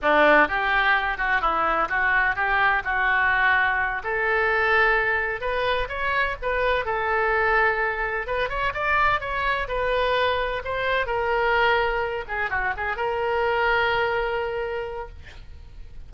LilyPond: \new Staff \with { instrumentName = "oboe" } { \time 4/4 \tempo 4 = 127 d'4 g'4. fis'8 e'4 | fis'4 g'4 fis'2~ | fis'8 a'2. b'8~ | b'8 cis''4 b'4 a'4.~ |
a'4. b'8 cis''8 d''4 cis''8~ | cis''8 b'2 c''4 ais'8~ | ais'2 gis'8 fis'8 gis'8 ais'8~ | ais'1 | }